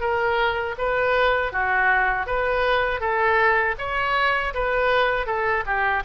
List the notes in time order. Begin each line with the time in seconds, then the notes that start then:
0.00 A#4
0.77 B4
1.52 F#4
2.26 B4
3.00 A4
3.78 C#5
4.54 B4
5.26 A4
5.66 G4